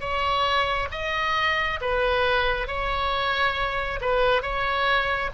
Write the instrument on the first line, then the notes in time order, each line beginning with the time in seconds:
oboe
0.00 C#5
0.91 D#5
1.81 B4
2.68 C#5
4.01 B4
4.42 C#5